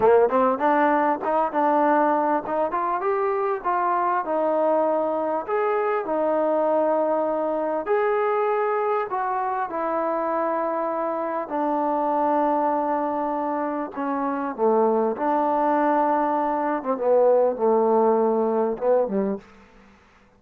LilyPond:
\new Staff \with { instrumentName = "trombone" } { \time 4/4 \tempo 4 = 99 ais8 c'8 d'4 dis'8 d'4. | dis'8 f'8 g'4 f'4 dis'4~ | dis'4 gis'4 dis'2~ | dis'4 gis'2 fis'4 |
e'2. d'4~ | d'2. cis'4 | a4 d'2~ d'8. c'16 | b4 a2 b8 g8 | }